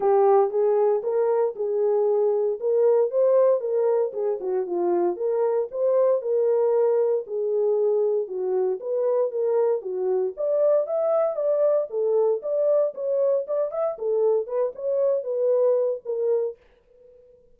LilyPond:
\new Staff \with { instrumentName = "horn" } { \time 4/4 \tempo 4 = 116 g'4 gis'4 ais'4 gis'4~ | gis'4 ais'4 c''4 ais'4 | gis'8 fis'8 f'4 ais'4 c''4 | ais'2 gis'2 |
fis'4 b'4 ais'4 fis'4 | d''4 e''4 d''4 a'4 | d''4 cis''4 d''8 e''8 a'4 | b'8 cis''4 b'4. ais'4 | }